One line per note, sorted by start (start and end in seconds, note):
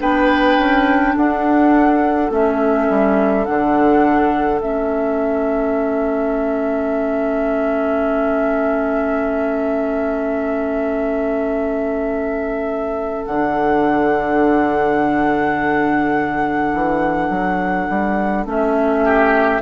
0.00 0.58 B3
0.00 2.31 D4
0.00 1.15 B4
0.00 1.16 G5
0.58 1.16 C#4
1.15 2.31 D4
1.15 19.04 A4
1.15 2.32 F#5
2.31 2.88 A3
2.31 3.46 C#4
2.31 3.45 E5
2.90 3.47 G3
3.45 4.60 D3
3.45 4.61 D4
3.45 4.61 F#5
4.60 13.25 A3
4.60 13.28 C#4
4.60 13.26 E5
13.26 16.74 D3
13.26 18.46 D4
13.26 18.45 F#5
16.74 17.30 E3
17.30 17.87 F#3
17.90 18.46 G3
18.46 19.61 A3
18.46 19.62 C#4
18.46 19.62 E5
19.05 19.62 G4